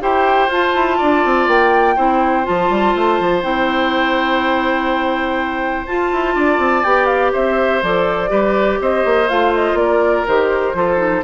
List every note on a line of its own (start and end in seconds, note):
0.00 0.48 E4
0.00 0.49 G4
0.00 0.97 C5
0.00 0.51 G5
0.48 0.72 F4
0.48 1.96 F4
0.48 1.48 A5
0.74 0.99 E4
0.97 1.24 D4
0.97 1.95 D5
1.24 1.47 C4
1.47 1.96 A#3
1.47 2.45 G5
1.96 2.46 C4
1.96 2.43 E4
1.96 6.35 C5
2.43 2.69 F3
2.43 3.41 F4
2.43 3.43 A5
2.69 2.94 G3
2.95 3.19 A3
3.19 3.43 F3
3.42 5.87 C4
3.42 5.86 E4
3.42 5.86 G5
5.86 6.84 F4
5.86 6.12 F4
5.86 6.83 A5
6.12 6.35 E4
6.35 6.58 D4
6.35 7.32 D5
6.58 6.82 C4
6.83 7.33 B3
6.83 7.82 G4
6.83 7.06 G5
7.06 7.30 F5
7.32 7.82 C4
7.32 8.30 C5
7.32 7.82 E5
7.82 8.30 F3
7.82 8.28 A4
7.82 8.81 D5
8.28 8.79 G3
8.28 9.26 G4
8.28 8.79 B4
8.80 9.05 C4
8.80 9.79 C5
8.80 9.29 D#5
9.05 9.29 A#3
9.28 9.74 A3
9.28 10.26 F4
9.28 9.53 F5
9.54 9.77 D#5
9.74 10.22 A#3
9.74 10.25 D5
9.81 10.76 A#4
10.27 10.73 D#3
10.27 10.74 G4
10.27 11.23 C5
10.73 11.22 F3
10.73 10.96 F4
10.73 11.23 A4
10.96 11.21 D#4